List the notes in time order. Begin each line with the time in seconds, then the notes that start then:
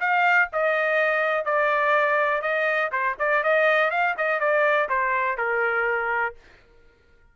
0.00 F5
0.52 D#5
1.45 D5
2.42 D#5
2.92 C5
3.19 D5
3.43 D#5
3.90 F5
4.17 D#5
4.39 D5
4.89 C5
5.37 A#4